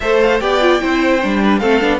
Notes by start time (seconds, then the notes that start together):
0.00 A3 A4 C5 E5
0.22 F5
0.40 B3 G4 D5 G5
0.61 F4
0.79 C4 E4 C5
1.22 G3 D4
1.44 B4
1.58 A3 C4 A4 F5
1.80 B3 D4